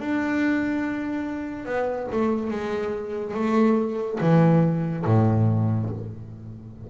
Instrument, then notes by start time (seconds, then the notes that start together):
double bass
0.00 D4
1.66 B3
2.12 A3
2.51 G#3
3.35 A3
4.21 E3
5.06 A2